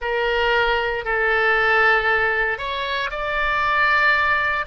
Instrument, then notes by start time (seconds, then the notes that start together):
oboe
0.01 A#4
1.04 A4
2.58 C#5
3.10 D5